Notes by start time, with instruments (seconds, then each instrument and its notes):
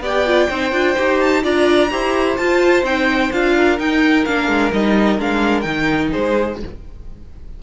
0.00 cello B3, viola G4, violin D5 G5
0.26 viola F4
0.49 cello C4, viola D#4, violin C5
0.72 cello D4, viola F4
0.97 cello D#4, viola G4
1.20 violin A5
1.42 cello D4, viola F4, violin D5 A#5
1.91 cello E4, viola G4, violin C5
2.36 cello F4, viola F4, violin A5
2.83 cello C4, viola D#4, violin G5
3.32 cello D4, viola F4, violin F5
3.56 violin A#4
3.78 viola D#4, cello D#4, violin G5
4.25 cello A#3, viola D4, violin F5
4.48 cello G#3
4.73 cello G3, viola D#4, violin D#5
5.19 cello G#3, viola D4, violin F5
5.61 cello D#3, viola D#4, violin G5
6.10 cello G#3, violin G#4 C5